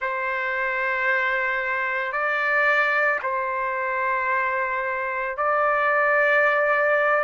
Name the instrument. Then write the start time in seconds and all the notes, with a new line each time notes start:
trumpet
0.00 C5
2.12 D5
3.22 C5
5.37 D5